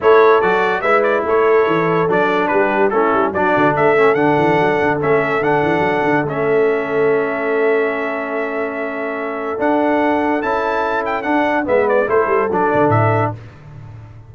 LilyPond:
<<
  \new Staff \with { instrumentName = "trumpet" } { \time 4/4 \tempo 4 = 144 cis''4 d''4 e''8 d''8 cis''4~ | cis''4 d''4 b'4 a'4 | d''4 e''4 fis''2 | e''4 fis''2 e''4~ |
e''1~ | e''2. fis''4~ | fis''4 a''4. g''8 fis''4 | e''8 d''8 c''4 d''4 e''4 | }
  \new Staff \with { instrumentName = "horn" } { \time 4/4 a'2 b'4 a'4~ | a'2 g'4 e'4 | fis'4 a'2.~ | a'1~ |
a'1~ | a'1~ | a'1 | b'4 a'2. | }
  \new Staff \with { instrumentName = "trombone" } { \time 4/4 e'4 fis'4 e'2~ | e'4 d'2 cis'4 | d'4. cis'8 d'2 | cis'4 d'2 cis'4~ |
cis'1~ | cis'2. d'4~ | d'4 e'2 d'4 | b4 e'4 d'2 | }
  \new Staff \with { instrumentName = "tuba" } { \time 4/4 a4 fis4 gis4 a4 | e4 fis4 g4 a8 g8 | fis8 d8 a4 d8 e8 fis8 d8 | a4 d8 e8 fis8 d8 a4~ |
a1~ | a2. d'4~ | d'4 cis'2 d'4 | gis4 a8 g8 fis8 d8 a,4 | }
>>